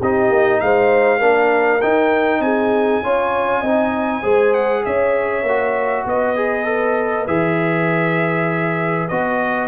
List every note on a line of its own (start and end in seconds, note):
0.00 0.30 C4
0.00 1.20 D#4
0.00 0.61 G4
0.00 0.60 D#5
0.30 0.60 A#3
0.60 1.22 G#3
0.60 1.19 C5
0.60 1.81 F5
1.19 1.82 A#3
1.19 1.81 D4
1.19 2.40 A#4
1.81 3.04 D#4
1.81 2.40 D#4
1.81 2.42 G5
2.40 3.01 C4
2.40 3.03 G#4
2.40 4.54 G#5
3.03 3.62 C#4
3.03 3.64 F4
3.03 3.61 C#5
3.61 4.23 C4
3.61 4.23 D#4
3.61 4.21 D#5
4.22 4.84 G#3
4.22 5.44 G#4
4.22 4.83 C5
4.54 4.84 F#5
4.85 5.43 C#4
4.85 6.07 C#5
4.85 6.06 E5
5.43 6.04 A#3
5.43 6.36 F#4
6.06 7.27 B3
6.06 9.68 B4
6.06 7.27 D#5
6.36 6.65 G#4
6.65 7.26 A4
7.27 9.09 E3
7.27 9.09 G#4
7.27 9.08 E5
9.08 9.68 B3
9.08 9.68 F#4
9.08 9.68 D#5